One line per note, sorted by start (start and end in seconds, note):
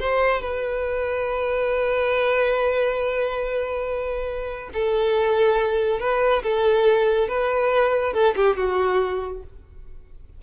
0.00 0.41 C5
0.41 4.70 B4
4.73 6.00 A4
6.00 6.43 B4
6.43 7.28 A4
7.28 8.14 B4
8.14 8.35 A4
8.36 8.57 G4
8.57 9.42 F#4